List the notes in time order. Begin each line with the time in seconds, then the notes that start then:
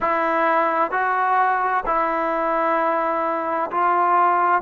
0.00 E4
0.91 F#4
1.85 E4
3.70 F4